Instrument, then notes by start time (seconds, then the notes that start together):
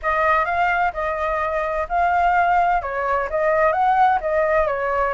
flute
0.02 D#5
0.45 F5
0.93 D#5
1.88 F5
2.81 C#5
3.29 D#5
3.72 F#5
4.21 D#5
4.66 C#5